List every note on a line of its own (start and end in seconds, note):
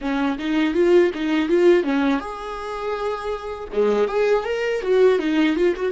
0.01 0.38 C#4
0.38 0.74 D#4
0.74 1.11 F4
1.14 1.48 D#4
1.48 1.83 F4
1.83 2.20 C#4
2.20 3.68 G#4
3.72 4.07 G#3
4.07 4.44 G#4
4.44 4.81 A#4
4.81 5.19 F#4
5.19 5.56 D#4
5.56 5.74 F4
5.75 5.92 F#4